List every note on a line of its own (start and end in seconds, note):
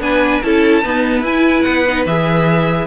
0.00 0.41 B3
0.00 0.42 D4
0.00 0.45 B4
0.00 0.43 G#5
0.43 0.85 C#4
0.43 0.84 E4
0.43 0.83 A4
0.43 1.24 A5
0.83 1.25 B3
0.83 1.22 D#4
0.83 2.87 B4
1.22 1.63 E4
1.22 1.87 E4
1.22 1.63 G#5
1.63 2.06 B3
1.63 2.04 F#5
1.88 2.08 D#4
2.06 2.87 E3
2.06 2.87 G#4
2.06 2.87 E5